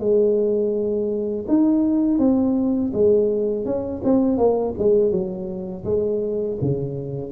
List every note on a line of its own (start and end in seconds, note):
0.00 1.46 G#3
1.48 2.19 D#4
2.19 2.92 C4
2.94 3.66 G#3
3.66 4.02 C#4
4.04 4.38 C4
4.38 4.75 A#3
4.79 5.12 G#3
5.12 5.85 F#3
5.85 6.58 G#3
6.62 7.33 C#3